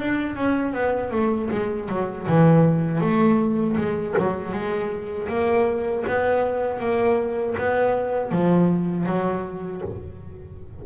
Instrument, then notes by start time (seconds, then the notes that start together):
double bass
0.00 D4
0.36 C#4
0.74 B3
1.12 A3
1.51 G#3
1.89 F#3
2.28 E3
3.01 A3
3.78 G#3
4.18 F#3
4.52 G#3
5.29 A#3
6.08 B3
6.80 A#3
7.58 B3
8.32 F3
9.06 F#3